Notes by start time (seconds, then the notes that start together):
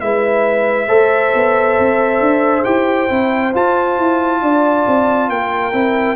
0.00 G#3 E4 B4 E5
0.87 A3 A4 C5
1.34 B3
1.78 C4
2.20 D4
2.64 E4 G4 G5
3.09 C4 E4
3.54 F4 A5
3.98 E4
4.42 D4 D5
4.87 C4
5.29 A#3 A#4 G5
5.72 C4 E4